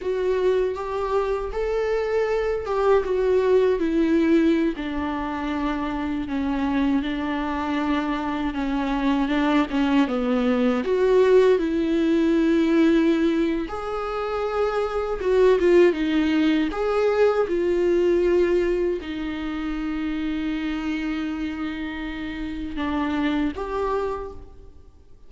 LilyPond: \new Staff \with { instrumentName = "viola" } { \time 4/4 \tempo 4 = 79 fis'4 g'4 a'4. g'8 | fis'4 e'4~ e'16 d'4.~ d'16~ | d'16 cis'4 d'2 cis'8.~ | cis'16 d'8 cis'8 b4 fis'4 e'8.~ |
e'2 gis'2 | fis'8 f'8 dis'4 gis'4 f'4~ | f'4 dis'2.~ | dis'2 d'4 g'4 | }